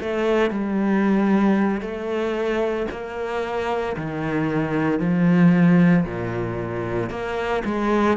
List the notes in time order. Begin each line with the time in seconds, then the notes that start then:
0.00 A3
0.50 G3
1.81 A3
2.91 A#3
3.97 D#3
5.00 F3
6.05 A#2
7.10 A#3
7.65 G#3